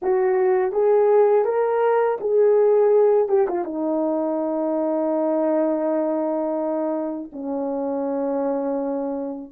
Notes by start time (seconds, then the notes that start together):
0.02 F#4
0.72 G#4
1.45 A#4
2.20 G#4
3.28 G4
3.48 F4
3.64 D#4
7.32 C#4